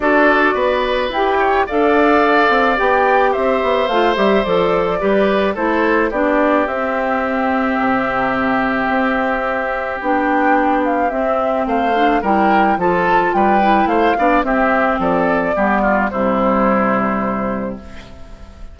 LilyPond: <<
  \new Staff \with { instrumentName = "flute" } { \time 4/4 \tempo 4 = 108 d''2 g''4 f''4~ | f''4 g''4 e''4 f''8 e''8 | d''2 c''4 d''4 | e''1~ |
e''2 g''4. f''8 | e''4 f''4 g''4 a''4 | g''4 f''4 e''4 d''4~ | d''4 c''2. | }
  \new Staff \with { instrumentName = "oboe" } { \time 4/4 a'4 b'4. cis''8 d''4~ | d''2 c''2~ | c''4 b'4 a'4 g'4~ | g'1~ |
g'1~ | g'4 c''4 ais'4 a'4 | b'4 c''8 d''8 g'4 a'4 | g'8 f'8 e'2. | }
  \new Staff \with { instrumentName = "clarinet" } { \time 4/4 fis'2 g'4 a'4~ | a'4 g'2 f'8 g'8 | a'4 g'4 e'4 d'4 | c'1~ |
c'2 d'2 | c'4. d'8 e'4 f'4~ | f'8 e'4 d'8 c'2 | b4 g2. | }
  \new Staff \with { instrumentName = "bassoon" } { \time 4/4 d'4 b4 e'4 d'4~ | d'8 c'8 b4 c'8 b8 a8 g8 | f4 g4 a4 b4 | c'2 c2 |
c'2 b2 | c'4 a4 g4 f4 | g4 a8 b8 c'4 f4 | g4 c2. | }
>>